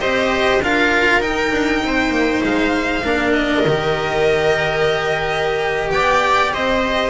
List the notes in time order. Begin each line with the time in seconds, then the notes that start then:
0.00 C4 G4 C5 D#5
0.61 D4 F4 A#4 F5
1.20 D#4 G5
1.52 D4
1.83 C4 C5
2.10 A#3
2.43 G#3 F5
3.04 A#3 D4 A#4
3.33 D#5
3.65 D#3 G4
5.91 B3 D5 G5
6.52 C4 C5 D#5